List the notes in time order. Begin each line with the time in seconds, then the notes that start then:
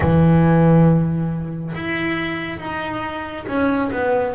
0.00 E3
1.74 E4
2.58 D#4
3.47 C#4
3.91 B3